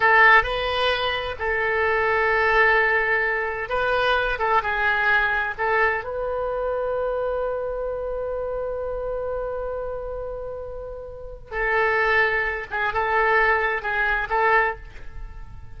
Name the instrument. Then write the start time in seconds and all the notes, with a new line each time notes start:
oboe
0.00 A4
0.43 B4
1.38 A4
3.69 B4
4.38 A4
4.62 G#4
5.58 A4
6.04 B4
11.51 A4
12.70 G#4
12.93 A4
13.82 G#4
14.29 A4